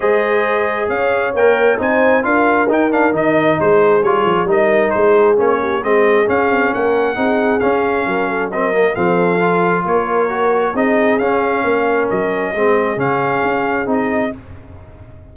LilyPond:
<<
  \new Staff \with { instrumentName = "trumpet" } { \time 4/4 \tempo 4 = 134 dis''2 f''4 g''4 | gis''4 f''4 g''8 f''8 dis''4 | c''4 cis''4 dis''4 c''4 | cis''4 dis''4 f''4 fis''4~ |
fis''4 f''2 dis''4 | f''2 cis''2 | dis''4 f''2 dis''4~ | dis''4 f''2 dis''4 | }
  \new Staff \with { instrumentName = "horn" } { \time 4/4 c''2 cis''2 | c''4 ais'2. | gis'2 ais'4 gis'4~ | gis'8 g'8 gis'2 ais'4 |
gis'2 ais'8 a'8 ais'4 | a'2 ais'2 | gis'2 ais'2 | gis'1 | }
  \new Staff \with { instrumentName = "trombone" } { \time 4/4 gis'2. ais'4 | dis'4 f'4 dis'8 d'8 dis'4~ | dis'4 f'4 dis'2 | cis'4 c'4 cis'2 |
dis'4 cis'2 c'8 ais8 | c'4 f'2 fis'4 | dis'4 cis'2. | c'4 cis'2 dis'4 | }
  \new Staff \with { instrumentName = "tuba" } { \time 4/4 gis2 cis'4 ais4 | c'4 d'4 dis'4 dis4 | gis4 g8 f8 g4 gis4 | ais4 gis4 cis'8 c'8 ais4 |
c'4 cis'4 fis2 | f2 ais2 | c'4 cis'4 ais4 fis4 | gis4 cis4 cis'4 c'4 | }
>>